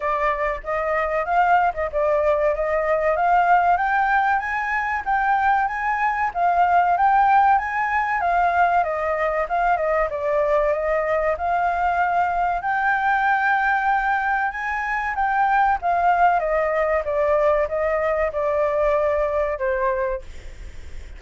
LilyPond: \new Staff \with { instrumentName = "flute" } { \time 4/4 \tempo 4 = 95 d''4 dis''4 f''8. dis''16 d''4 | dis''4 f''4 g''4 gis''4 | g''4 gis''4 f''4 g''4 | gis''4 f''4 dis''4 f''8 dis''8 |
d''4 dis''4 f''2 | g''2. gis''4 | g''4 f''4 dis''4 d''4 | dis''4 d''2 c''4 | }